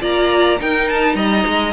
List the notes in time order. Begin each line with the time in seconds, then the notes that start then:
0.00 A#3 F4 D5 A#5
0.59 D#4 A#4 G5
0.88 A5
1.15 G3 D#5 A#5
1.46 G#3